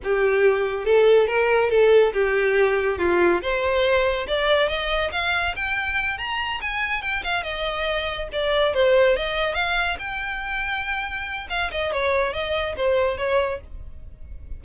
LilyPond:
\new Staff \with { instrumentName = "violin" } { \time 4/4 \tempo 4 = 141 g'2 a'4 ais'4 | a'4 g'2 f'4 | c''2 d''4 dis''4 | f''4 g''4. ais''4 gis''8~ |
gis''8 g''8 f''8 dis''2 d''8~ | d''8 c''4 dis''4 f''4 g''8~ | g''2. f''8 dis''8 | cis''4 dis''4 c''4 cis''4 | }